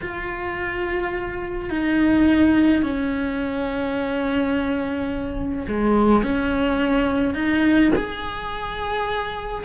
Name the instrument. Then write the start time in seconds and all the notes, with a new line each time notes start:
cello
0.01 F4
1.69 D#4
2.83 C#4
5.68 G#3
6.23 C#4
7.34 D#4
7.95 G#4